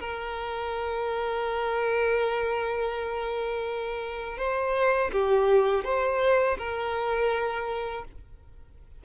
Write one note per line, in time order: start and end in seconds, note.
0.00 4.38 A#4
4.38 5.11 C5
5.12 5.84 G4
5.84 6.57 C5
6.59 8.05 A#4